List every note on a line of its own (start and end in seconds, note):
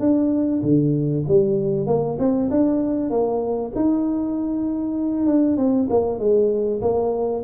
0.00 0.62 D4
0.63 1.25 D3
1.28 1.87 G3
1.87 2.18 A#3
2.19 2.50 C4
2.51 3.10 D4
3.10 3.72 A#3
3.76 5.26 D#4
5.26 5.57 D4
5.57 5.88 C4
5.90 6.19 A#3
6.19 6.81 G#3
6.82 7.44 A#3